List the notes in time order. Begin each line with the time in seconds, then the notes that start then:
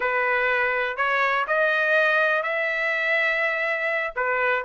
0.00 B4
0.96 C#5
1.47 D#5
2.43 E5
4.15 B4